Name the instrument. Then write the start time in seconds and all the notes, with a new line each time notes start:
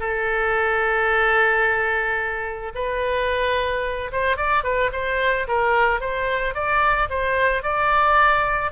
oboe
0.00 A4
2.75 B4
4.12 C5
4.37 D5
4.64 B4
4.93 C5
5.48 A#4
6.01 C5
6.55 D5
7.10 C5
7.63 D5